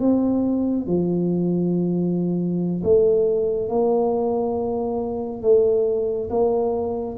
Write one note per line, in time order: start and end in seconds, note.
0.00 0.87 C4
0.87 2.83 F3
2.83 3.69 A3
3.69 5.43 A#3
5.43 6.30 A3
6.30 7.17 A#3